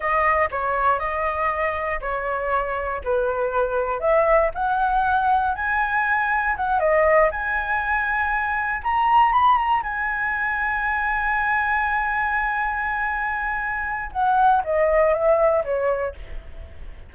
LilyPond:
\new Staff \with { instrumentName = "flute" } { \time 4/4 \tempo 4 = 119 dis''4 cis''4 dis''2 | cis''2 b'2 | e''4 fis''2 gis''4~ | gis''4 fis''8 dis''4 gis''4.~ |
gis''4. ais''4 b''8 ais''8 gis''8~ | gis''1~ | gis''1 | fis''4 dis''4 e''4 cis''4 | }